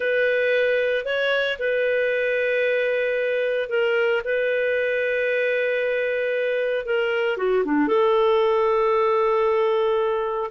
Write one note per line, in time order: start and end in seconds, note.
0.00 1.05 B4
1.05 1.57 C#5
1.58 3.69 B4
3.69 4.22 A#4
4.24 6.85 B4
6.85 7.37 A#4
7.37 7.63 F#4
7.65 7.87 D4
7.87 10.50 A4